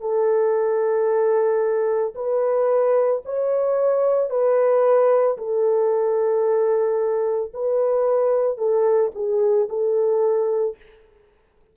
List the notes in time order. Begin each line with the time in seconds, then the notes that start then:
0.00 A4
2.15 B4
3.25 C#5
4.30 B4
5.37 A4
7.54 B4
8.58 A4
9.15 G#4
9.69 A4